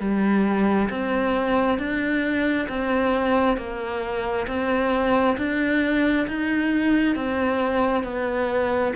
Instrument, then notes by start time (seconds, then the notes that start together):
cello
0.00 G3
0.90 C4
1.79 D4
2.69 C4
3.58 A#3
4.47 C4
5.38 D4
6.28 D#4
7.16 C4
8.04 B3